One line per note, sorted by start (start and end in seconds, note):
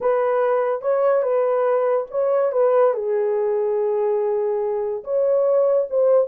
0.00 0.81 B4
0.81 1.22 C#5
1.22 2.06 B4
2.11 2.52 C#5
2.52 2.94 B4
2.94 5.03 G#4
5.04 5.88 C#5
5.90 6.28 C5